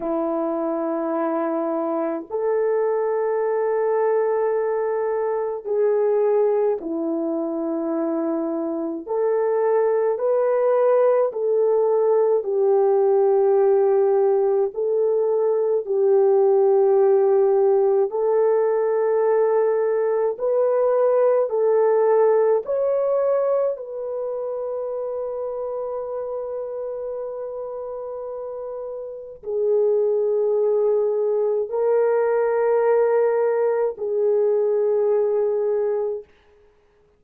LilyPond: \new Staff \with { instrumentName = "horn" } { \time 4/4 \tempo 4 = 53 e'2 a'2~ | a'4 gis'4 e'2 | a'4 b'4 a'4 g'4~ | g'4 a'4 g'2 |
a'2 b'4 a'4 | cis''4 b'2.~ | b'2 gis'2 | ais'2 gis'2 | }